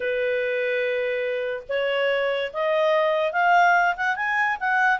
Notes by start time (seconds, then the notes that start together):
0.00 B4
1.68 C#5
2.53 D#5
3.32 F5
3.96 F#5
4.16 G#5
4.59 F#5